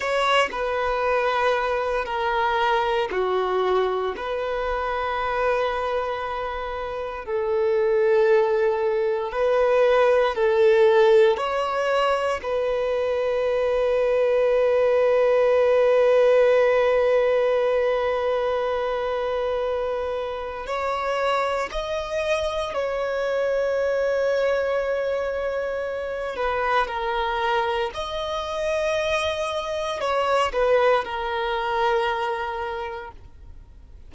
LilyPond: \new Staff \with { instrumentName = "violin" } { \time 4/4 \tempo 4 = 58 cis''8 b'4. ais'4 fis'4 | b'2. a'4~ | a'4 b'4 a'4 cis''4 | b'1~ |
b'1 | cis''4 dis''4 cis''2~ | cis''4. b'8 ais'4 dis''4~ | dis''4 cis''8 b'8 ais'2 | }